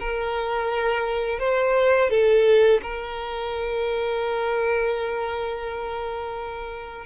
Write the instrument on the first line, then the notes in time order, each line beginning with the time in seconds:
violin
0.00 A#4
1.40 C5
2.10 A4
2.83 A#4